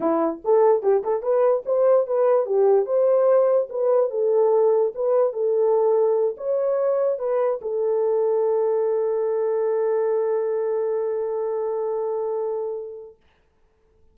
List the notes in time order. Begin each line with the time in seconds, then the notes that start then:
0.00 E4
0.44 A4
0.82 G4
1.03 A4
1.22 B4
1.65 C5
2.06 B4
2.45 G4
2.85 C5
3.69 B4
4.10 A4
4.94 B4
5.32 A4
6.37 C#5
7.18 B4
7.61 A4